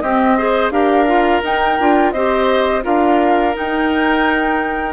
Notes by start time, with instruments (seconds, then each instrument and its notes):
0.00 bassoon C4, clarinet C4, oboe G4, flute D#5
0.37 clarinet G#4, oboe C5
0.70 bassoon D4, clarinet G4, oboe A#4, flute F5
1.06 clarinet F4
1.43 bassoon D#4, clarinet D#4, flute G5
1.79 bassoon D4, clarinet F4
2.11 bassoon C4, clarinet G4, oboe C5, flute D#5
2.82 bassoon D4, clarinet F4, oboe A#4, flute F5
3.53 clarinet D#4, bassoon D#4, flute G5